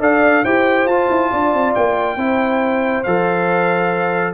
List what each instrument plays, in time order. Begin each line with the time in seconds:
0.00 tuba D4, trombone A4, horn D5, trumpet F5
0.44 tuba E4, trombone G4, horn C5, trumpet G5
0.86 tuba F4, trombone F4, trumpet A5
1.10 tuba E4
1.31 tuba D4, horn D5
1.53 tuba C4
1.75 tuba A#3, trumpet G5
2.17 tuba C4, trombone E4, horn C5
3.04 tuba F3, trombone A4, trumpet F5